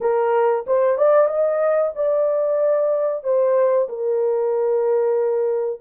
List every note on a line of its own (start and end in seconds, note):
0.00 0.65 A#4
0.66 0.97 C5
0.97 1.27 D5
1.27 1.91 D#5
1.95 3.23 D5
3.23 3.88 C5
3.88 5.80 A#4